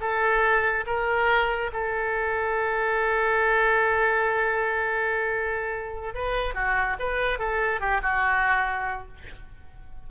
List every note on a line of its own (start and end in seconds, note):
0.00 0.85 A4
0.86 1.71 A#4
1.73 6.14 A4
6.14 6.54 B4
6.54 6.97 F#4
6.99 7.38 B4
7.38 7.80 A4
7.80 8.01 G4
8.02 9.07 F#4